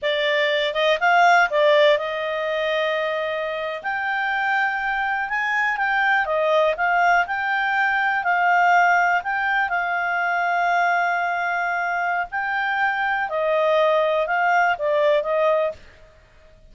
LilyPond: \new Staff \with { instrumentName = "clarinet" } { \time 4/4 \tempo 4 = 122 d''4. dis''8 f''4 d''4 | dis''2.~ dis''8. g''16~ | g''2~ g''8. gis''4 g''16~ | g''8. dis''4 f''4 g''4~ g''16~ |
g''8. f''2 g''4 f''16~ | f''1~ | f''4 g''2 dis''4~ | dis''4 f''4 d''4 dis''4 | }